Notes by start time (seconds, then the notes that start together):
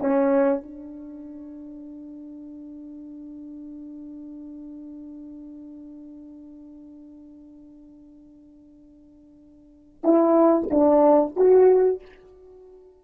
0.00 C#4
0.63 D4
10.04 E4
10.71 D4
11.36 F#4